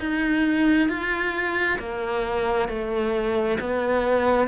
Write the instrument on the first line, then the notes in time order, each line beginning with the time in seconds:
cello
0.00 D#4
0.90 F4
1.80 A#3
2.69 A3
3.61 B3